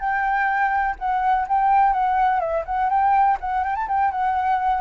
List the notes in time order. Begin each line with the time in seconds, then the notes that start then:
0.00 G5
0.99 F#5
1.49 G5
1.93 F#5
2.40 E5
2.66 F#5
2.90 G5
3.41 F#5
3.65 G5
3.76 A5
3.88 G5
4.12 F#5